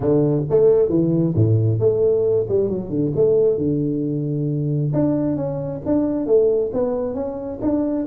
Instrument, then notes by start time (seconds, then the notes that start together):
tuba
0.00 D3
0.49 A3
0.89 E3
1.35 A2
1.79 A3
2.49 G3
2.69 F#3
2.89 D3
3.15 A3
3.57 D3
4.93 D4
5.36 C#4
5.85 D4
6.26 A3
6.73 B3
7.14 C#4
7.61 D4